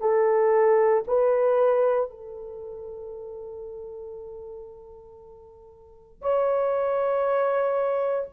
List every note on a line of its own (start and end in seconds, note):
0.00 1.03 A4
1.07 2.10 B4
2.10 6.22 A4
6.22 8.29 C#5